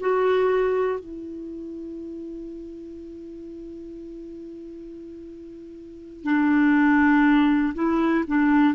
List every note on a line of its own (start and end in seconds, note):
0.00 1.00 F#4
1.00 6.24 E4
6.24 7.74 D4
7.75 8.25 E4
8.27 8.75 D4